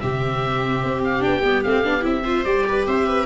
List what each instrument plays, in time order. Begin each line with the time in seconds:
0.00 tuba C3, viola C4 G4, oboe E5
0.84 tuba C4
1.04 oboe F5
1.20 viola D4, oboe G5
1.26 tuba B3
1.42 tuba G3, viola B3
1.64 tuba A3, viola C4, oboe F5
1.84 tuba B3, viola D4
2.01 tuba C4, viola E4, oboe E5
2.24 viola F4 C5
2.45 tuba G3, viola G4, oboe D5
2.68 viola B4
2.87 tuba C4, viola C5, oboe E5
3.07 viola B4